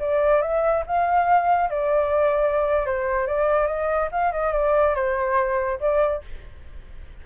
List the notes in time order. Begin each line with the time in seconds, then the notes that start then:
0.00 D5
0.42 E5
0.87 F5
1.70 D5
2.86 C5
3.27 D5
3.67 D#5
4.12 F5
4.32 D#5
4.53 D5
4.95 C5
5.80 D5